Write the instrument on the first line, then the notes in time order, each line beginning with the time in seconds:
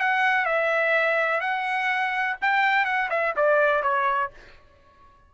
trumpet
0.00 F#5
0.45 E5
1.40 F#5
2.41 G5
2.85 F#5
3.10 E5
3.36 D5
3.82 C#5